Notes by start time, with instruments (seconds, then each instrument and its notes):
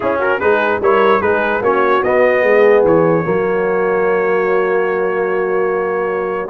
0.00 trombone C#4, tuba C#4, horn E4, trumpet G#4
0.19 horn F#4, trumpet A#4
0.40 tuba G#3, trombone D#4, horn G#4, trumpet B4
0.80 tuba G3, trombone E4, horn A#4, trumpet C#5
1.21 tuba G#3, trombone D#4, horn G#4, trumpet B4
1.61 tuba A#3, trombone C#4, horn F#4, trumpet C#5
2.03 tuba B3, trombone B3, trumpet D#5
2.43 tuba G#3, horn G#4
2.84 tuba E3, trumpet C#5
3.24 tuba F#3, trombone A#3, horn F#4